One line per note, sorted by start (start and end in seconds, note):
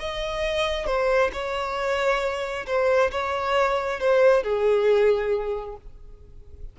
0.00 0.87 D#5
0.87 1.31 C5
1.33 2.66 C#5
2.67 3.11 C5
3.12 4.00 C#5
4.00 4.43 C5
4.43 5.77 G#4